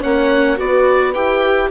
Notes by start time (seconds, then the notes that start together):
0.00 A#3 C#4 C#5 F#5
0.57 B3 F#4 B4 D5
1.14 E4 G4 G5